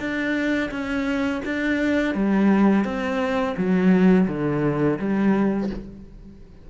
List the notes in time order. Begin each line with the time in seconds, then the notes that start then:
0.00 D4
0.72 C#4
1.46 D4
2.15 G3
2.85 C4
3.57 F#3
4.28 D3
5.00 G3